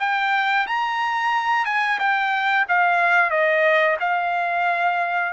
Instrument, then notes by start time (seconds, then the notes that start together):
trumpet
0.00 G5
0.67 A#5
1.66 G#5
1.99 G5
2.68 F5
3.31 D#5
4.00 F5